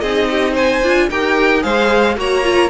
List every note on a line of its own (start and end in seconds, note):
0.00 0.82 C4
0.00 0.83 D#4
0.00 0.28 G#4
0.00 0.54 D#5
0.30 0.52 G4
0.52 1.05 C5
0.52 1.09 G#5
0.83 1.10 D4
0.83 1.10 F4
1.09 1.64 D#4
1.09 1.61 G4
1.09 1.63 A#4
1.09 1.63 G5
1.61 2.17 G#3
1.61 2.15 G#4
1.61 2.17 C5
1.61 2.16 F5
2.17 2.69 A#3
2.17 2.43 F#4
2.17 2.69 C#5
2.17 2.69 A#5
2.43 2.69 F4